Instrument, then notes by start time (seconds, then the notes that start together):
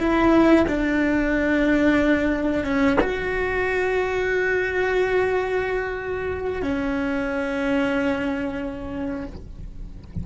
cello
0.00 E4
0.68 D4
2.65 C#4
3.01 F#4
6.63 C#4